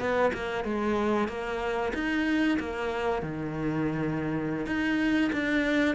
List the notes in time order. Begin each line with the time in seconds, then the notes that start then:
0.00 B3
0.34 A#3
0.65 G#3
1.29 A#3
1.94 D#4
2.60 A#3
3.23 D#3
4.67 D#4
5.33 D4